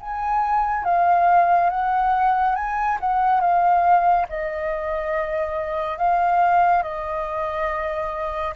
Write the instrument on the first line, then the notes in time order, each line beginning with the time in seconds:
flute
0.00 G#5
0.84 F5
1.69 F#5
2.55 G#5
3.00 F#5
3.40 F5
4.29 D#5
5.97 F5
6.82 D#5